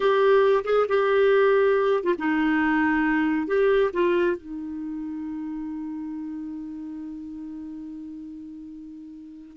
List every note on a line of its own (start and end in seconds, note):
0.00 0.63 G4
0.64 0.86 G#4
0.88 2.03 G4
2.03 2.14 F4
2.18 3.47 D#4
3.47 3.90 G4
3.93 4.36 F4
4.36 9.56 D#4